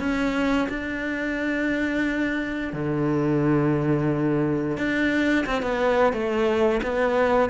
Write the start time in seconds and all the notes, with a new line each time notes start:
0.00 C#4
0.70 D4
2.73 D3
4.78 D4
5.46 C4
5.63 B3
6.13 A3
6.83 B3